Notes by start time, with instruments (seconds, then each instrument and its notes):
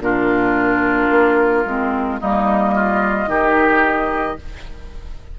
0.00 bassoon A#2, clarinet D4, oboe F4, flute A#4
1.10 bassoon A#3
1.66 bassoon G#3, clarinet C4
2.20 bassoon G3, clarinet A#3, oboe D#4, flute D#5
2.75 oboe F4
3.27 bassoon D#3, clarinet D#4, oboe G4